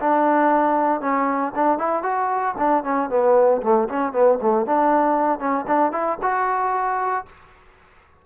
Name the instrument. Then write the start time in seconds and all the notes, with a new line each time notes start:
trombone
0.00 D4
1.01 C#4
1.55 D4
1.78 E4
2.03 F#4
2.58 D4
2.84 C#4
3.10 B3
3.63 A3
3.89 C#4
4.13 B3
4.42 A3
4.66 D4
5.39 C#4
5.67 D4
5.92 E4
6.22 F#4